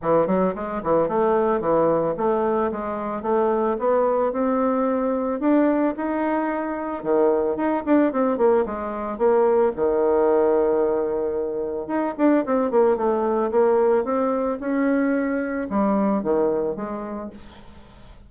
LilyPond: \new Staff \with { instrumentName = "bassoon" } { \time 4/4 \tempo 4 = 111 e8 fis8 gis8 e8 a4 e4 | a4 gis4 a4 b4 | c'2 d'4 dis'4~ | dis'4 dis4 dis'8 d'8 c'8 ais8 |
gis4 ais4 dis2~ | dis2 dis'8 d'8 c'8 ais8 | a4 ais4 c'4 cis'4~ | cis'4 g4 dis4 gis4 | }